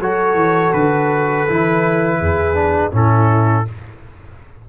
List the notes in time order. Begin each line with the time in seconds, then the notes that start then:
0.00 F#3 F#4 A4 C#5
0.35 E3
0.73 D3 B4
1.49 E3 E4
2.20 E2 G#4
2.55 D4
2.92 A2 C#4 E4 A4